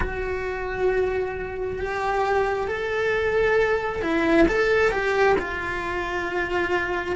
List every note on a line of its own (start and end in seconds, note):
0.00 1.79 F#4
1.79 2.67 G4
2.67 4.02 A4
4.02 4.47 E4
4.48 4.91 A4
4.91 5.35 G4
5.38 7.16 F4